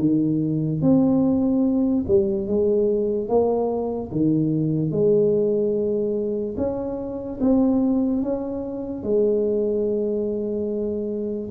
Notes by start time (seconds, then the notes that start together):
0.00 D#3
0.82 C4
2.08 G3
2.48 G#3
3.29 A#3
4.12 D#3
4.92 G#3
6.58 C#4
7.41 C4
8.23 C#4
9.04 G#3